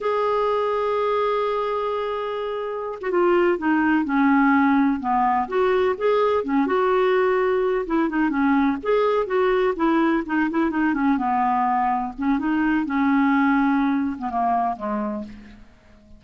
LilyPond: \new Staff \with { instrumentName = "clarinet" } { \time 4/4 \tempo 4 = 126 gis'1~ | gis'2~ gis'16 fis'16 f'4 dis'8~ | dis'8 cis'2 b4 fis'8~ | fis'8 gis'4 cis'8 fis'2~ |
fis'8 e'8 dis'8 cis'4 gis'4 fis'8~ | fis'8 e'4 dis'8 e'8 dis'8 cis'8 b8~ | b4. cis'8 dis'4 cis'4~ | cis'4.~ cis'16 b16 ais4 gis4 | }